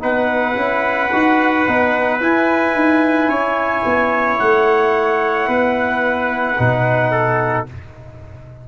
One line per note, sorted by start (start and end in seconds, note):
0.00 0.56 B3
0.00 0.55 D#4
0.00 3.29 B4
0.00 2.21 F#5
0.55 1.11 C#4
0.55 1.10 E4
1.13 1.67 D#4
1.13 1.67 F#4
1.67 2.21 B3
1.67 2.21 D#4
2.21 2.75 E4
2.21 6.57 E4
2.21 4.39 G#5
2.75 3.28 D#4
3.28 3.82 C#4
3.28 5.47 C#5
3.85 4.40 B3
4.39 5.48 A3
4.39 7.66 F#5
5.48 6.57 B3
5.48 7.12 B4
6.58 7.68 B2
6.58 7.67 D#4
7.12 7.66 A4